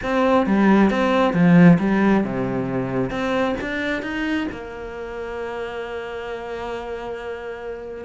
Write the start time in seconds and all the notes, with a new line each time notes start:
0.02 C4
0.46 G3
0.90 C4
1.33 F3
1.79 G3
2.24 C3
3.10 C4
3.60 D4
4.02 D#4
4.51 A#3